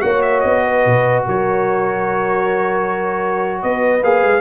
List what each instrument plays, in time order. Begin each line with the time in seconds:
0.00 tuba A#3, trombone F#4, horn C#5, trumpet F#5
0.22 trumpet E5
0.40 tuba B3, trumpet D#5
0.65 horn B4
0.86 tuba B2
1.26 tuba F#3, horn A#4, trumpet C#5
3.62 tuba B3, horn B4, trumpet D#5
4.02 tuba A#3, trombone G#4, trumpet F5
4.22 tuba G#3